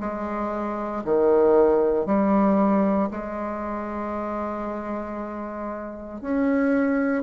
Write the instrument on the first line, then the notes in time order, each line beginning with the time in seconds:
bassoon
0.00 G#3
1.04 D#3
2.05 G3
3.11 G#3
6.21 C#4